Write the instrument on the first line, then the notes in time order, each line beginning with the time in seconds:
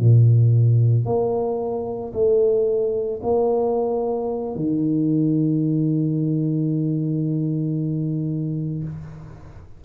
tuba
0.00 A#2
1.06 A#3
2.13 A3
3.23 A#3
4.56 D#3